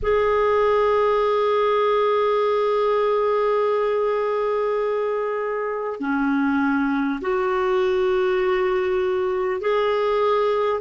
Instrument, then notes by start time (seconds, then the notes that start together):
clarinet
0.02 G#4
6.00 C#4
7.21 F#4
9.60 G#4